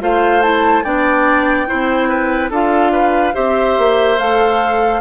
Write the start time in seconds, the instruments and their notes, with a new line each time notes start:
0.00 bassoon A3, clarinet F4, oboe C5, flute F5
0.42 clarinet E4, flute A5
0.84 bassoon B3, clarinet D4, oboe D5, flute G5
1.67 bassoon C4, clarinet E4, oboe C5
2.09 oboe B4
2.50 bassoon D4, clarinet F4, oboe A4, flute F5
2.92 oboe B4
3.34 bassoon C4, clarinet G4, oboe C5, flute E5
3.78 bassoon A#3
4.19 bassoon A3, clarinet A4, flute F5